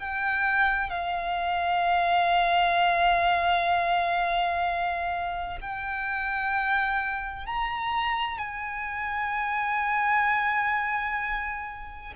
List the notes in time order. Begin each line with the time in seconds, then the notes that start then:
0.00 G5
0.90 F5
5.62 G5
7.47 A#5
8.39 G#5